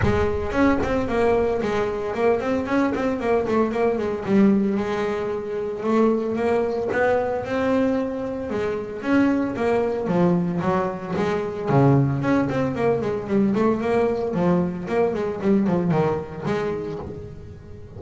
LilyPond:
\new Staff \with { instrumentName = "double bass" } { \time 4/4 \tempo 4 = 113 gis4 cis'8 c'8 ais4 gis4 | ais8 c'8 cis'8 c'8 ais8 a8 ais8 gis8 | g4 gis2 a4 | ais4 b4 c'2 |
gis4 cis'4 ais4 f4 | fis4 gis4 cis4 cis'8 c'8 | ais8 gis8 g8 a8 ais4 f4 | ais8 gis8 g8 f8 dis4 gis4 | }